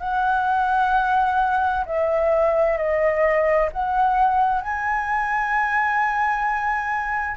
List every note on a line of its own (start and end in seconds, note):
0.00 1.85 F#5
1.86 2.77 E5
2.77 3.70 D#5
3.72 4.61 F#5
4.61 7.37 G#5